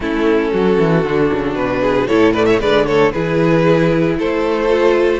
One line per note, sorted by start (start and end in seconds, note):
0.00 0.51 A3
0.00 1.05 C#4
0.00 0.52 E4
0.00 1.55 A4
0.52 0.78 F#3
0.52 1.81 F#4
0.78 1.04 E3
1.04 1.30 D3
1.04 2.09 D4
1.32 1.55 C#3
1.55 2.07 B2
1.55 2.07 B4
1.81 2.07 G#4
2.07 2.62 A2
2.07 2.35 E4
2.07 2.32 A4
2.07 2.33 C#5
2.32 2.60 A3
2.32 2.46 B4
2.32 2.45 D5
2.45 2.59 C#5
2.45 2.58 E5
2.59 3.14 D3
2.59 2.86 G#3
2.59 2.86 B4
2.59 2.86 D5
2.86 3.13 A3
2.86 3.12 A4
2.86 3.11 C#5
3.11 4.19 E3
3.11 4.68 E4
3.11 4.17 G#4
3.11 4.16 B4
4.18 5.19 A3
4.18 5.19 A4
4.18 5.19 C5
4.68 5.19 F4